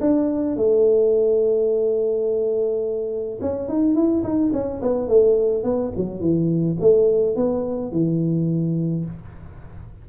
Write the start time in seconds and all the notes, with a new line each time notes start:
0.00 D4
0.56 A3
3.41 C#4
3.68 D#4
3.95 E4
4.23 D#4
4.53 C#4
4.82 B3
5.08 A3
5.63 B3
5.96 F#3
6.20 E3
6.80 A3
7.36 B3
7.91 E3